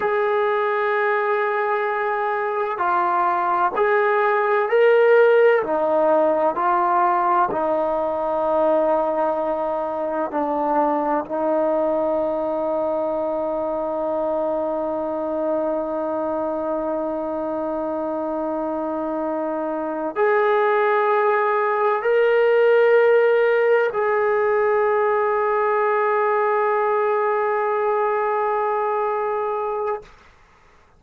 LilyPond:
\new Staff \with { instrumentName = "trombone" } { \time 4/4 \tempo 4 = 64 gis'2. f'4 | gis'4 ais'4 dis'4 f'4 | dis'2. d'4 | dis'1~ |
dis'1~ | dis'4. gis'2 ais'8~ | ais'4. gis'2~ gis'8~ | gis'1 | }